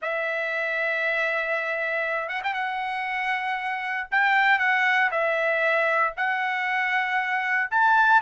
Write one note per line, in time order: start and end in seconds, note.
0.02 2.28 E5
2.28 2.41 F#5
2.43 2.53 G5
2.53 4.07 F#5
4.11 4.59 G5
4.59 5.10 F#5
5.11 6.13 E5
6.16 7.70 F#5
7.70 8.21 A5